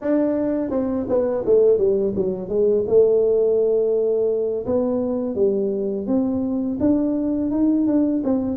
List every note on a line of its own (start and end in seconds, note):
0.01 0.70 D4
0.70 1.06 C4
1.08 1.44 B3
1.45 1.78 A3
1.78 2.13 G3
2.15 2.48 F#3
2.48 2.84 G#3
2.87 4.65 A3
4.66 5.35 B3
5.35 6.06 G3
6.06 6.78 C4
6.80 7.51 D4
7.51 7.86 D#4
7.86 8.22 D4
8.24 8.56 C4